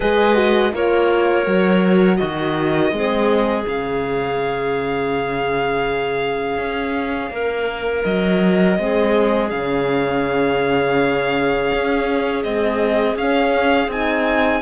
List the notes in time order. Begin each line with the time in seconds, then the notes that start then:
0.00 G#3 G#4 B4 D#5
0.35 F#4
0.72 A#3 F4 A#4 C#5
1.45 F#3 F#4
2.16 D#3 F#4 D#5
2.91 G#3 C4 G#4
3.65 C#3 C#4 F5
6.57 C#4
7.30 A#3 A#4
8.04 F#3 D#5
8.77 G#3 C4 G#4
9.50 C#3 C#4 F5
11.73 C#4
12.43 G#3 C4 D#5
13.16 C#4 F5
13.87 C4 D#4 G#5